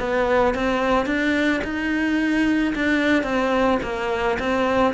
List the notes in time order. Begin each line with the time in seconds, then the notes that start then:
0.00 B3
0.55 C4
1.07 D4
1.64 D#4
2.76 D4
3.24 C4
3.83 A#3
4.39 C4